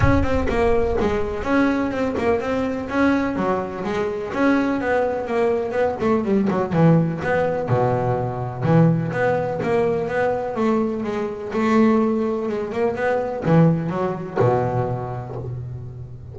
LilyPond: \new Staff \with { instrumentName = "double bass" } { \time 4/4 \tempo 4 = 125 cis'8 c'8 ais4 gis4 cis'4 | c'8 ais8 c'4 cis'4 fis4 | gis4 cis'4 b4 ais4 | b8 a8 g8 fis8 e4 b4 |
b,2 e4 b4 | ais4 b4 a4 gis4 | a2 gis8 ais8 b4 | e4 fis4 b,2 | }